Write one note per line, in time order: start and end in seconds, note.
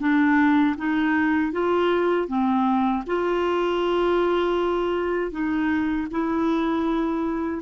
0.00 0.76 D4
0.77 1.53 D#4
1.53 2.28 F4
2.28 3.04 C4
3.07 5.32 F4
5.32 6.08 D#4
6.11 7.62 E4